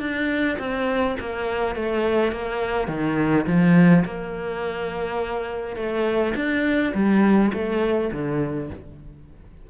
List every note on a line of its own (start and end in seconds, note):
0.00 0.58 D4
0.58 1.16 C4
1.20 1.75 A#3
1.75 2.32 A3
2.32 2.88 A#3
2.88 3.46 D#3
3.47 4.05 F3
4.05 5.76 A#3
5.76 6.34 A3
6.35 6.93 D4
6.94 7.52 G3
7.53 8.11 A3
8.12 8.70 D3